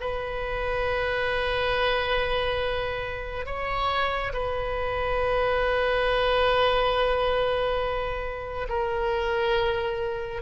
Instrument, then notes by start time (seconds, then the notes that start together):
oboe
0.00 B4
3.45 C#5
4.32 B4
8.68 A#4